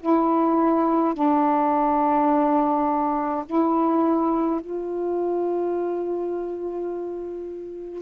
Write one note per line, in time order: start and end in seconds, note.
0.00 1.14 E4
1.14 3.45 D4
3.46 4.60 E4
4.60 8.02 F4